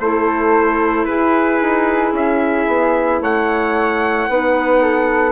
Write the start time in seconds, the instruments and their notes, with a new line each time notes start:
0.00 bassoon A3, clarinet E4, flute A4, trumpet C5
1.05 bassoon E4, flute G#4, trumpet B4
1.61 bassoon D#4
2.13 bassoon C#4, trumpet E5
2.67 bassoon B3
3.21 bassoon A3, flute C#5, trumpet F#5
4.29 bassoon B3, clarinet D#4, flute B4
4.82 flute A4